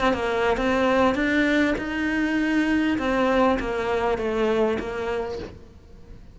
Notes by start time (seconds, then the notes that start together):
0.00 C4
0.13 A#3
0.57 C4
1.15 D4
1.78 D#4
2.98 C4
3.59 A#3
4.18 A3
4.79 A#3